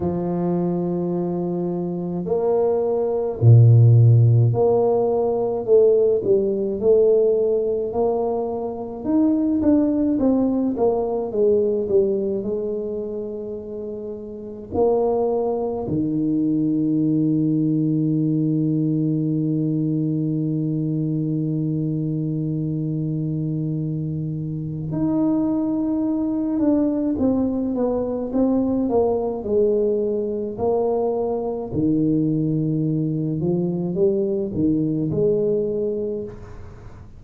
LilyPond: \new Staff \with { instrumentName = "tuba" } { \time 4/4 \tempo 4 = 53 f2 ais4 ais,4 | ais4 a8 g8 a4 ais4 | dis'8 d'8 c'8 ais8 gis8 g8 gis4~ | gis4 ais4 dis2~ |
dis1~ | dis2 dis'4. d'8 | c'8 b8 c'8 ais8 gis4 ais4 | dis4. f8 g8 dis8 gis4 | }